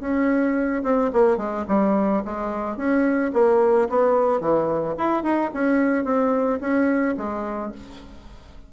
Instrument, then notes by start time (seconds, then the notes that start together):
bassoon
0.00 C#4
0.83 C4
1.13 A#3
1.37 G#3
1.68 G3
2.25 G#3
2.77 C#4
3.33 A#3
3.89 B3
4.40 E3
4.98 E4
5.23 D#4
5.53 C#4
6.05 C4
6.60 C#4
7.17 G#3